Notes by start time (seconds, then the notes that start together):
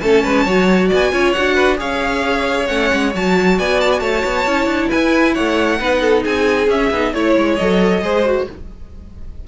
0.00 A3 C#4 A4 A5
0.23 G#3 B4
0.45 F#3 F#4 C#5
0.88 B3 D5 G#5
1.13 C#4 F4 C#5
1.32 D4 F#4 F#5
1.55 B4
1.77 C#4 G#4 C#5 F5
2.67 A3 C#4 F#5
2.92 G#3
3.14 F#3 F#4 A5
3.58 B3 D5 G#5
3.80 A5
3.92 G#5
4.00 A3 C#5 A5
4.24 B3
4.46 C#4 E4
4.66 D4
4.89 E4 B4 G#5
5.34 A3 C#5 F#5
5.79 B3 D#4 B4
6.01 A4
6.24 C4 G#4 G#5
6.68 C#4 E5
6.91 B3 D#4
7.13 A3 E4 C#5
7.37 G#3
7.56 F#3 A4 D#5
8.02 G#3 G#4 C5
8.25 F#4